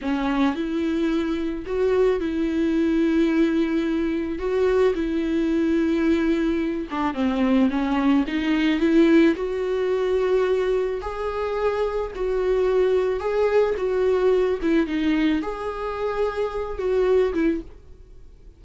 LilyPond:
\new Staff \with { instrumentName = "viola" } { \time 4/4 \tempo 4 = 109 cis'4 e'2 fis'4 | e'1 | fis'4 e'2.~ | e'8 d'8 c'4 cis'4 dis'4 |
e'4 fis'2. | gis'2 fis'2 | gis'4 fis'4. e'8 dis'4 | gis'2~ gis'8 fis'4 e'8 | }